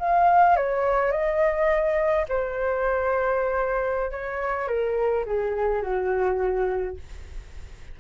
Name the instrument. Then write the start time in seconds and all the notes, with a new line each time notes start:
flute
0.00 F5
0.57 C#5
1.12 D#5
2.29 C5
4.12 C#5
4.68 A#4
5.26 G#4
5.83 F#4